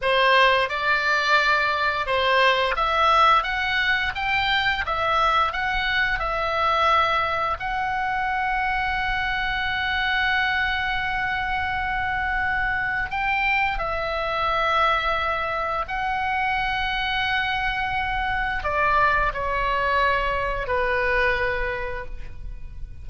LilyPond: \new Staff \with { instrumentName = "oboe" } { \time 4/4 \tempo 4 = 87 c''4 d''2 c''4 | e''4 fis''4 g''4 e''4 | fis''4 e''2 fis''4~ | fis''1~ |
fis''2. g''4 | e''2. fis''4~ | fis''2. d''4 | cis''2 b'2 | }